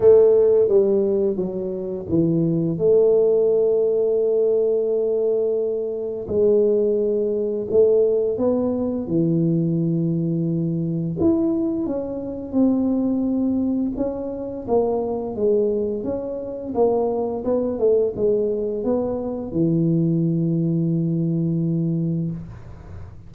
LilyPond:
\new Staff \with { instrumentName = "tuba" } { \time 4/4 \tempo 4 = 86 a4 g4 fis4 e4 | a1~ | a4 gis2 a4 | b4 e2. |
e'4 cis'4 c'2 | cis'4 ais4 gis4 cis'4 | ais4 b8 a8 gis4 b4 | e1 | }